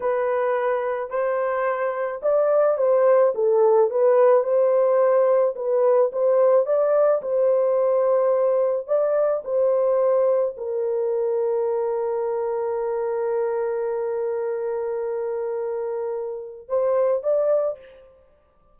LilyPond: \new Staff \with { instrumentName = "horn" } { \time 4/4 \tempo 4 = 108 b'2 c''2 | d''4 c''4 a'4 b'4 | c''2 b'4 c''4 | d''4 c''2. |
d''4 c''2 ais'4~ | ais'1~ | ais'1~ | ais'2 c''4 d''4 | }